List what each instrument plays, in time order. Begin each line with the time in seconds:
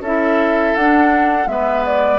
0.00 bassoon C#4, clarinet E4, oboe A4, flute E5
0.75 bassoon D4, clarinet D4, flute F#5
1.46 bassoon G#3, clarinet B3, oboe B4, flute E5
1.85 flute D5